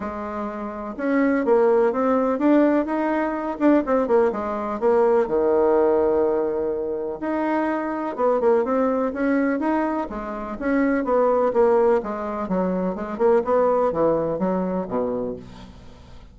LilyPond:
\new Staff \with { instrumentName = "bassoon" } { \time 4/4 \tempo 4 = 125 gis2 cis'4 ais4 | c'4 d'4 dis'4. d'8 | c'8 ais8 gis4 ais4 dis4~ | dis2. dis'4~ |
dis'4 b8 ais8 c'4 cis'4 | dis'4 gis4 cis'4 b4 | ais4 gis4 fis4 gis8 ais8 | b4 e4 fis4 b,4 | }